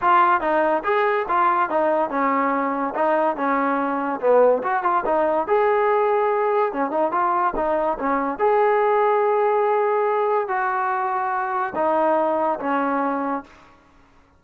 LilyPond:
\new Staff \with { instrumentName = "trombone" } { \time 4/4 \tempo 4 = 143 f'4 dis'4 gis'4 f'4 | dis'4 cis'2 dis'4 | cis'2 b4 fis'8 f'8 | dis'4 gis'2. |
cis'8 dis'8 f'4 dis'4 cis'4 | gis'1~ | gis'4 fis'2. | dis'2 cis'2 | }